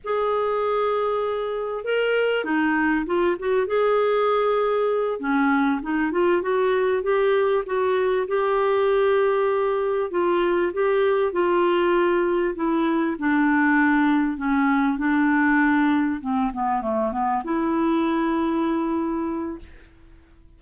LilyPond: \new Staff \with { instrumentName = "clarinet" } { \time 4/4 \tempo 4 = 98 gis'2. ais'4 | dis'4 f'8 fis'8 gis'2~ | gis'8 cis'4 dis'8 f'8 fis'4 g'8~ | g'8 fis'4 g'2~ g'8~ |
g'8 f'4 g'4 f'4.~ | f'8 e'4 d'2 cis'8~ | cis'8 d'2 c'8 b8 a8 | b8 e'2.~ e'8 | }